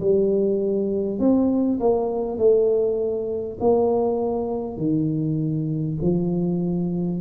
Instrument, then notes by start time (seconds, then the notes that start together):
tuba
0.00 G3
1.19 C4
1.79 A#3
2.38 A3
3.61 A#3
4.77 D#3
6.02 F3